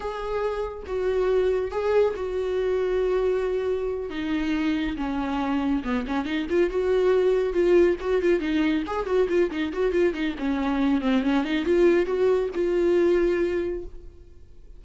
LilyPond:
\new Staff \with { instrumentName = "viola" } { \time 4/4 \tempo 4 = 139 gis'2 fis'2 | gis'4 fis'2.~ | fis'4. dis'2 cis'8~ | cis'4. b8 cis'8 dis'8 f'8 fis'8~ |
fis'4. f'4 fis'8 f'8 dis'8~ | dis'8 gis'8 fis'8 f'8 dis'8 fis'8 f'8 dis'8 | cis'4. c'8 cis'8 dis'8 f'4 | fis'4 f'2. | }